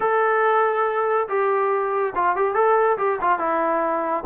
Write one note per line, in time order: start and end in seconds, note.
0.00 1.27 A4
1.28 2.13 G4
2.15 2.36 F4
2.36 2.54 G4
2.54 2.97 A4
2.97 3.19 G4
3.21 3.38 F4
3.38 4.24 E4